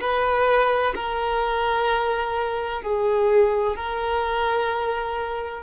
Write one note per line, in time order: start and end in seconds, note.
0.00 0.94 B4
0.95 2.82 A#4
2.82 3.75 G#4
3.75 5.62 A#4